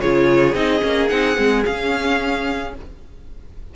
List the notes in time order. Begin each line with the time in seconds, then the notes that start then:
0.00 C#3 F4 G#4 C#5
0.53 C4 D#4 D#5
0.81 A#3 C#4
1.08 C4 D#4 F#5
1.35 G#3 C4
1.65 C#4 F5